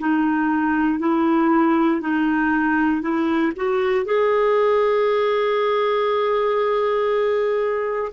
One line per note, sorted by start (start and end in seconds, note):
0.00 1.00 D#4
1.00 2.01 E4
2.01 3.02 D#4
3.02 3.53 E4
3.57 4.05 F#4
4.05 8.12 G#4